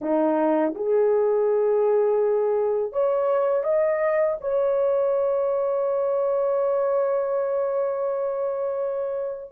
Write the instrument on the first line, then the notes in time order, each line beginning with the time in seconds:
horn
0.01 D#4
0.74 G#4
2.92 C#5
3.63 D#5
4.40 C#5